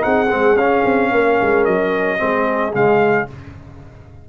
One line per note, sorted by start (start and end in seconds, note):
0.00 0.33 C4
0.00 0.27 D#4
0.00 1.12 G#4
0.00 0.57 F#5
0.30 0.56 G#3
0.30 0.57 C4
0.56 0.83 C#4
0.56 2.18 C#4
0.56 1.65 F5
0.85 1.12 C4
1.12 1.39 A#3
1.12 2.19 A#4
1.42 1.67 G#3
1.65 2.21 F#3
1.65 2.73 D#5
2.18 2.75 G#3
2.18 2.73 C4
2.18 3.28 G#4
2.74 3.29 C#3
2.74 3.28 G#3
2.74 3.29 F5